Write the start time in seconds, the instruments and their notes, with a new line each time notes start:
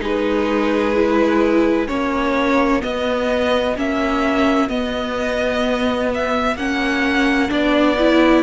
0.00 cello G#3, viola D#4, violin G#4 B4
0.95 viola E4
1.87 cello A#3, viola C#4, violin F#4 C#5
2.81 viola B3, cello B3, violin D#5
3.76 cello A#3, viola C#4, violin E5
4.68 viola B3, cello B3, violin D#5
6.14 violin E5
6.56 cello A#3, viola C#4, violin F#5
7.48 cello B3, viola D4, violin D5
7.98 viola E4